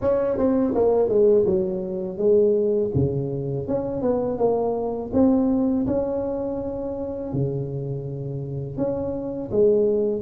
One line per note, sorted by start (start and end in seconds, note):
0.01 0.37 C#4
0.37 0.74 C4
0.75 1.08 A#3
1.08 1.45 G#3
1.46 2.17 F#3
2.17 2.90 G#3
2.95 3.67 C#3
3.67 4.01 C#4
4.01 4.38 B3
4.38 5.11 A#3
5.13 5.86 C4
5.86 7.32 C#4
7.32 8.77 C#3
8.77 9.50 C#4
9.51 10.22 G#3